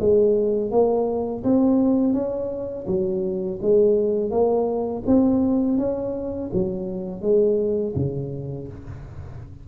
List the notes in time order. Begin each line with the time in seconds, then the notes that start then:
0.00 G#3
0.71 A#3
1.44 C4
2.14 C#4
2.87 F#3
3.62 G#3
4.31 A#3
5.07 C4
5.78 C#4
6.53 F#3
7.22 G#3
7.96 C#3